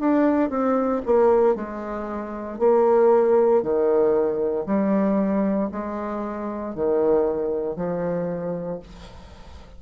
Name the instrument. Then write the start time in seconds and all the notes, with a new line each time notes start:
bassoon
0.00 D4
0.50 C4
1.06 A#3
1.55 G#3
2.59 A#3
3.62 D#3
4.66 G3
5.71 G#3
6.75 D#3
7.76 F3